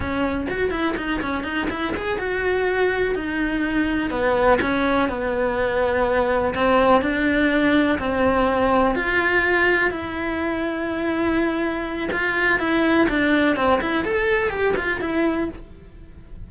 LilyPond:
\new Staff \with { instrumentName = "cello" } { \time 4/4 \tempo 4 = 124 cis'4 fis'8 e'8 dis'8 cis'8 dis'8 e'8 | gis'8 fis'2 dis'4.~ | dis'8 b4 cis'4 b4.~ | b4. c'4 d'4.~ |
d'8 c'2 f'4.~ | f'8 e'2.~ e'8~ | e'4 f'4 e'4 d'4 | c'8 e'8 a'4 g'8 f'8 e'4 | }